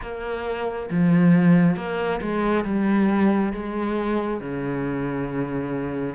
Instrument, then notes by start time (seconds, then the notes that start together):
cello
0.01 A#3
0.90 F3
1.76 A#3
2.21 G#3
2.64 G3
3.52 G#3
4.40 C#3